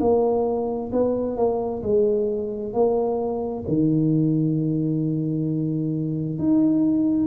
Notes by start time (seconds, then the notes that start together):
0.00 A#3
0.92 B3
1.37 A#3
1.82 G#3
2.73 A#3
3.68 D#3
6.38 D#4